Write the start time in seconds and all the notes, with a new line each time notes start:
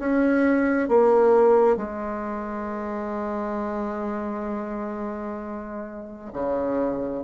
0.00 C#4
0.89 A#3
1.77 G#3
6.33 C#3